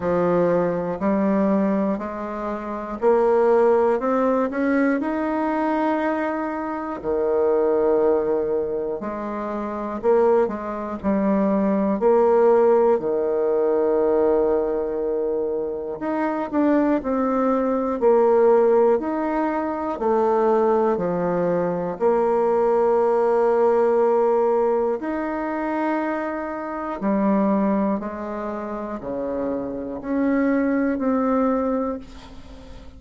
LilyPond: \new Staff \with { instrumentName = "bassoon" } { \time 4/4 \tempo 4 = 60 f4 g4 gis4 ais4 | c'8 cis'8 dis'2 dis4~ | dis4 gis4 ais8 gis8 g4 | ais4 dis2. |
dis'8 d'8 c'4 ais4 dis'4 | a4 f4 ais2~ | ais4 dis'2 g4 | gis4 cis4 cis'4 c'4 | }